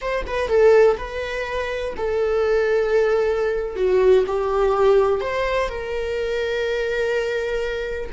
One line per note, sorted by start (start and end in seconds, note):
0.01 0.25 C5
0.26 0.48 B4
0.48 0.96 A4
0.97 1.94 B4
1.96 3.76 A4
3.76 4.24 F#4
4.26 5.21 G4
5.21 5.68 C5
5.68 8.10 A#4